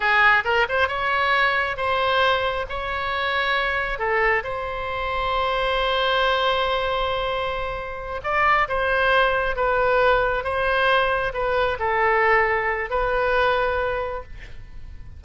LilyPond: \new Staff \with { instrumentName = "oboe" } { \time 4/4 \tempo 4 = 135 gis'4 ais'8 c''8 cis''2 | c''2 cis''2~ | cis''4 a'4 c''2~ | c''1~ |
c''2~ c''8 d''4 c''8~ | c''4. b'2 c''8~ | c''4. b'4 a'4.~ | a'4 b'2. | }